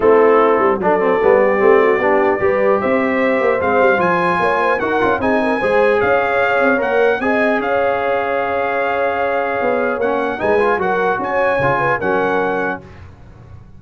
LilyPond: <<
  \new Staff \with { instrumentName = "trumpet" } { \time 4/4 \tempo 4 = 150 a'2 d''2~ | d''2. e''4~ | e''4 f''4 gis''2 | fis''4 gis''2 f''4~ |
f''4 fis''4 gis''4 f''4~ | f''1~ | f''4 fis''4 gis''4 fis''4 | gis''2 fis''2 | }
  \new Staff \with { instrumentName = "horn" } { \time 4/4 e'2 a'4. g'8~ | g'8 fis'8 g'4 b'4 c''4~ | c''2. cis''8 c''8 | ais'4 gis'8 ais'8 c''4 cis''4~ |
cis''2 dis''4 cis''4~ | cis''1~ | cis''2 b'4 ais'4 | cis''4. b'8 ais'2 | }
  \new Staff \with { instrumentName = "trombone" } { \time 4/4 c'2 d'8 c'8 b4 | c'4 d'4 g'2~ | g'4 c'4 f'2 | fis'8 f'8 dis'4 gis'2~ |
gis'4 ais'4 gis'2~ | gis'1~ | gis'4 cis'4 dis'8 f'8 fis'4~ | fis'4 f'4 cis'2 | }
  \new Staff \with { instrumentName = "tuba" } { \time 4/4 a4. g8 fis4 g4 | a4 b4 g4 c'4~ | c'8 ais8 gis8 g8 f4 ais4 | dis'8 cis'8 c'4 gis4 cis'4~ |
cis'8 c'8 ais4 c'4 cis'4~ | cis'1 | b4 ais4 gis4 fis4 | cis'4 cis4 fis2 | }
>>